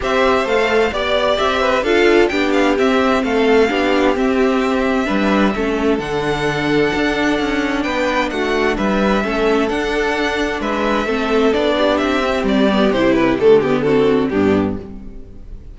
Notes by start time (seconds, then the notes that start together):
0.00 C4 G4 C5 E5
0.45 A3 A4 F5
0.92 B3 G4 D5
1.37 C4 E5
1.60 B4
1.82 D4 F4 A4 F5
2.28 B3 D4 G4 G5
2.52 F5
2.78 C4 E5
3.23 A3 A4 F5
3.68 B3 D4 G4
4.15 C4 E5
5.05 G3 D4 B4
5.55 A3 C#4 A4
5.99 D3 D4 F#5
6.94 D4
7.39 C#4
7.82 B3 B4 G5
8.30 A3 F#4 F#5
8.77 G3 B4 E5
9.22 A3 C#4 A4
9.68 D4 F#5
10.60 G#3 B4 E5
11.05 A3 C4 A4
11.53 B3 D4 D5
11.77 G4
11.97 C4 E5
12.23 C4
12.43 G3 D5
12.70 B3
12.91 C3 E4 C5
13.14 B4
13.38 D3 A3 A4
13.60 B3 G4
13.82 C4 F#4 A4
14.29 G2 B3 D4 G4